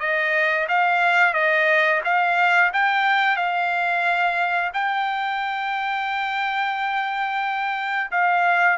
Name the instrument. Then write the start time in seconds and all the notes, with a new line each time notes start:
trumpet
0.00 D#5
0.69 F5
1.34 D#5
2.05 F5
2.74 G5
3.37 F5
4.74 G5
8.11 F5